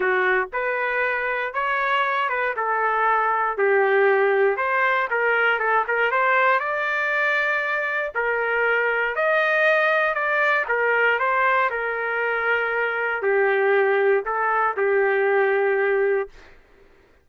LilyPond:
\new Staff \with { instrumentName = "trumpet" } { \time 4/4 \tempo 4 = 118 fis'4 b'2 cis''4~ | cis''8 b'8 a'2 g'4~ | g'4 c''4 ais'4 a'8 ais'8 | c''4 d''2. |
ais'2 dis''2 | d''4 ais'4 c''4 ais'4~ | ais'2 g'2 | a'4 g'2. | }